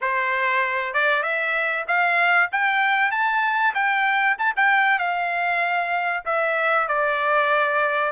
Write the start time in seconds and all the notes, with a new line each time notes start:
0.01 C5
0.93 D5
1.22 E5
1.87 F5
2.51 G5
3.11 A5
3.74 G5
4.38 A5
4.56 G5
4.98 F5
6.25 E5
6.88 D5